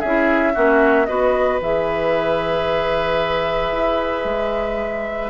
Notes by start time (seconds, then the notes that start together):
0.00 C#4 G#4 E5
0.07 E4
0.54 A#3 C#4 F#4
1.06 B3 F#4 B4 D#5
1.60 E3 G#4 E5
3.72 E4
4.25 G#3